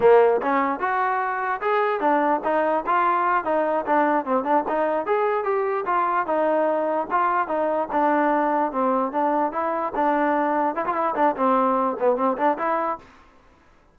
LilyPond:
\new Staff \with { instrumentName = "trombone" } { \time 4/4 \tempo 4 = 148 ais4 cis'4 fis'2 | gis'4 d'4 dis'4 f'4~ | f'8 dis'4 d'4 c'8 d'8 dis'8~ | dis'8 gis'4 g'4 f'4 dis'8~ |
dis'4. f'4 dis'4 d'8~ | d'4. c'4 d'4 e'8~ | e'8 d'2 e'16 f'16 e'8 d'8 | c'4. b8 c'8 d'8 e'4 | }